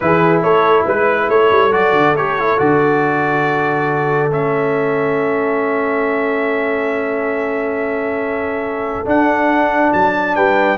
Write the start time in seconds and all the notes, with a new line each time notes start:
0.00 E3 E4 G#4 B4
0.42 A3 A4 C#5
0.84 G#3 B4
1.29 A3 A4 C#5
1.51 G3
1.71 F#3 F#4 D5
1.92 D3
2.14 A3 G4 C#5
2.38 E4
2.57 D3 F#4 D5
4.31 A3 C#4 E5
9.05 D4 F#5
9.92 F#3 A5
10.35 G3 B4 G5